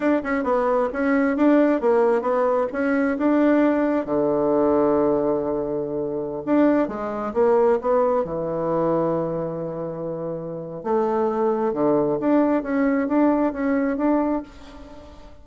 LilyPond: \new Staff \with { instrumentName = "bassoon" } { \time 4/4 \tempo 4 = 133 d'8 cis'8 b4 cis'4 d'4 | ais4 b4 cis'4 d'4~ | d'4 d2.~ | d2~ d16 d'4 gis8.~ |
gis16 ais4 b4 e4.~ e16~ | e1 | a2 d4 d'4 | cis'4 d'4 cis'4 d'4 | }